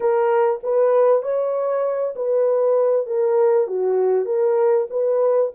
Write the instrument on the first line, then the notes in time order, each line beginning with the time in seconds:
horn
0.00 A#4
0.63 B4
1.22 C#5
2.15 B4
3.06 A#4
3.67 F#4
4.25 A#4
4.90 B4